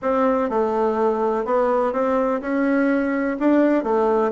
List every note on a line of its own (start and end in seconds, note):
0.02 0.49 C4
0.49 1.45 A3
1.45 1.92 B3
1.92 2.40 C4
2.41 3.37 C#4
3.39 3.83 D4
3.83 4.31 A3